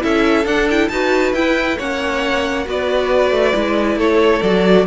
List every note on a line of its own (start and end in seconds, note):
0.00 0.45 C#4
0.00 0.44 E4
0.00 0.91 A4
0.00 0.46 E5
0.45 0.89 D4
0.45 0.68 D4
0.45 0.68 F#5
0.70 0.91 E4
0.70 0.88 G5
0.88 1.33 D#4
0.88 1.35 F#4
0.88 1.77 B4
0.88 1.32 A5
1.33 1.77 E4
1.33 1.79 E4
1.33 1.78 G5
1.77 2.67 A#3
1.77 2.65 C#4
1.77 2.65 C#5
1.77 2.67 F#5
2.65 3.30 B3
2.65 3.53 F#4
2.65 3.98 B4
2.65 3.99 D5
3.30 3.52 A3
3.53 3.96 G#3
3.53 4.41 E4
3.96 4.40 A3
3.96 4.86 A4
3.96 4.42 C#5
4.42 4.87 F#3
4.42 4.87 F#4
4.42 4.86 D5